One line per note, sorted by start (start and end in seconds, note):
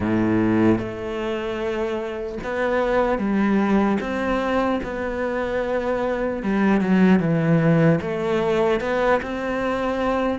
0.00 0.78 A2
0.78 2.38 A3
2.43 3.18 B3
3.18 3.98 G3
4.00 4.80 C4
4.83 6.42 B3
6.42 6.80 G3
6.80 7.19 F#3
7.19 7.99 E3
8.01 8.80 A3
8.80 9.20 B3
9.22 10.39 C4